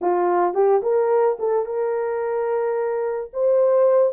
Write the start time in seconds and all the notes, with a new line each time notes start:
0.01 F4
0.54 G4
0.82 A#4
1.39 A4
1.65 A#4
3.33 C5